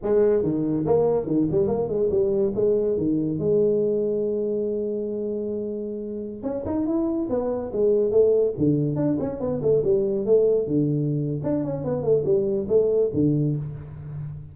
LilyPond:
\new Staff \with { instrumentName = "tuba" } { \time 4/4 \tempo 4 = 142 gis4 dis4 ais4 dis8 g8 | ais8 gis8 g4 gis4 dis4 | gis1~ | gis2.~ gis16 cis'8 dis'16~ |
dis'16 e'4 b4 gis4 a8.~ | a16 d4 d'8 cis'8 b8 a8 g8.~ | g16 a4 d4.~ d16 d'8 cis'8 | b8 a8 g4 a4 d4 | }